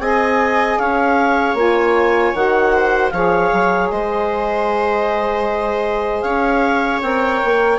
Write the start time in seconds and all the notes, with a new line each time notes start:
0.00 C4 G#4 D#5 G#5
0.79 C#4 C#5 F5
1.55 A#3 F4 G#5
2.34 D#3 F#4 F#5
2.73 C5
3.11 F3 G#4 C#5 F5
3.53 F#3
3.90 G#3 C5 D#5
6.22 C#4 C#5 F5
7.02 C4 A#4 G5
7.45 A#3